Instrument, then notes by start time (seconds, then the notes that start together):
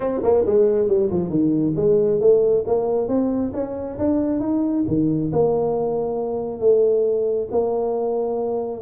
tuba
0.00 C4
0.22 A#3
0.46 G#3
0.87 G3
1.10 F3
1.29 D#3
1.76 G#3
2.20 A3
2.67 A#3
3.08 C4
3.53 C#4
3.98 D4
4.40 D#4
4.87 D#3
5.32 A#3
6.60 A3
7.51 A#3